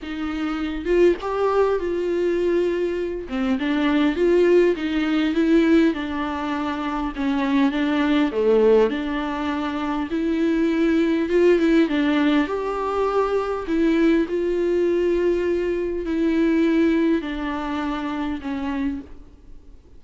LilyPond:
\new Staff \with { instrumentName = "viola" } { \time 4/4 \tempo 4 = 101 dis'4. f'8 g'4 f'4~ | f'4. c'8 d'4 f'4 | dis'4 e'4 d'2 | cis'4 d'4 a4 d'4~ |
d'4 e'2 f'8 e'8 | d'4 g'2 e'4 | f'2. e'4~ | e'4 d'2 cis'4 | }